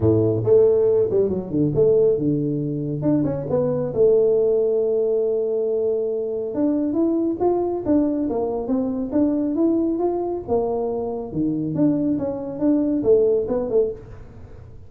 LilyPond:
\new Staff \with { instrumentName = "tuba" } { \time 4/4 \tempo 4 = 138 a,4 a4. g8 fis8 d8 | a4 d2 d'8 cis'8 | b4 a2.~ | a2. d'4 |
e'4 f'4 d'4 ais4 | c'4 d'4 e'4 f'4 | ais2 dis4 d'4 | cis'4 d'4 a4 b8 a8 | }